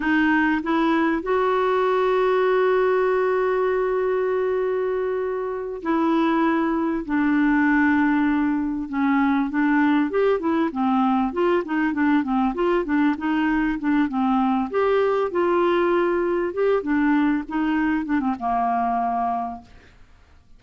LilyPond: \new Staff \with { instrumentName = "clarinet" } { \time 4/4 \tempo 4 = 98 dis'4 e'4 fis'2~ | fis'1~ | fis'4. e'2 d'8~ | d'2~ d'8 cis'4 d'8~ |
d'8 g'8 e'8 c'4 f'8 dis'8 d'8 | c'8 f'8 d'8 dis'4 d'8 c'4 | g'4 f'2 g'8 d'8~ | d'8 dis'4 d'16 c'16 ais2 | }